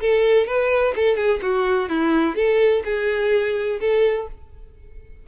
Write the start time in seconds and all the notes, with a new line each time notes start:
0.00 A4
0.46 B4
0.95 A4
1.16 G#4
1.42 F#4
1.89 E4
2.35 A4
2.85 G#4
3.80 A4